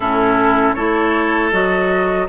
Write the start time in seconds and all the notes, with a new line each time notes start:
0.00 A2 C#4 E4 A4
0.74 A3 E4 A4 C#5
1.51 F#3 F#4 D#5